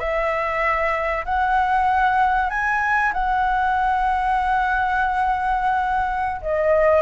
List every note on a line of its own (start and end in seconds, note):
0.00 1.25 E5
1.25 2.50 F#5
2.50 3.13 G#5
3.13 6.41 F#5
6.42 7.02 D#5